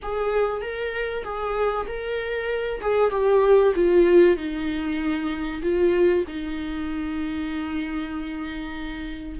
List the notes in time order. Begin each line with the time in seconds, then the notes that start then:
0.02 G#4
0.61 A#4
1.24 G#4
1.87 A#4
2.81 G#4
3.10 G4
3.75 F4
4.36 D#4
5.62 F4
6.27 D#4